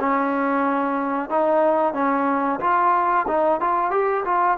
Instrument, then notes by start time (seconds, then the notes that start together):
trombone
0.00 C#4
1.30 D#4
1.94 C#4
2.60 F4
3.28 D#4
3.61 F4
3.91 G4
4.25 F4